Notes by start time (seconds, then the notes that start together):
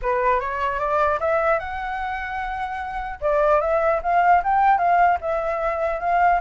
0.01 B4
0.39 C#5
0.79 D5
1.20 E5
1.59 F#5
3.20 D5
3.60 E5
4.02 F5
4.43 G5
4.78 F5
5.21 E5
6.00 F5